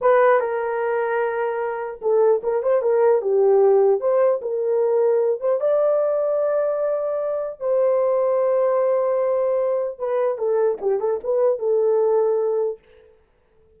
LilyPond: \new Staff \with { instrumentName = "horn" } { \time 4/4 \tempo 4 = 150 b'4 ais'2.~ | ais'4 a'4 ais'8 c''8 ais'4 | g'2 c''4 ais'4~ | ais'4. c''8 d''2~ |
d''2. c''4~ | c''1~ | c''4 b'4 a'4 g'8 a'8 | b'4 a'2. | }